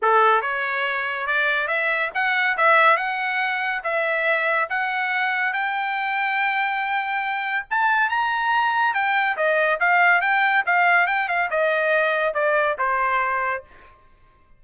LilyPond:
\new Staff \with { instrumentName = "trumpet" } { \time 4/4 \tempo 4 = 141 a'4 cis''2 d''4 | e''4 fis''4 e''4 fis''4~ | fis''4 e''2 fis''4~ | fis''4 g''2.~ |
g''2 a''4 ais''4~ | ais''4 g''4 dis''4 f''4 | g''4 f''4 g''8 f''8 dis''4~ | dis''4 d''4 c''2 | }